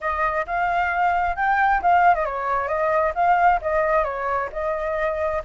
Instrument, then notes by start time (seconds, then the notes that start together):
flute
0.00 D#5
0.46 F5
1.36 G5
1.82 F5
2.14 D#5
2.25 C#5
2.67 D#5
3.15 F5
3.61 D#5
4.04 C#5
4.52 D#5